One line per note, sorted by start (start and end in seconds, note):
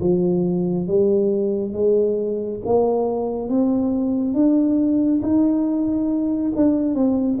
0.00 0.87 F3
0.87 1.72 G3
1.72 2.59 G#3
2.65 3.48 A#3
3.48 4.33 C4
4.33 5.20 D4
5.21 6.52 D#4
6.55 6.94 D4
6.94 7.38 C4